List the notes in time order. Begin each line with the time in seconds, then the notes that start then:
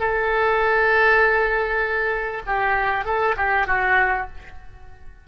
0.00 A4
2.47 G4
3.05 A4
3.37 G4
3.67 F#4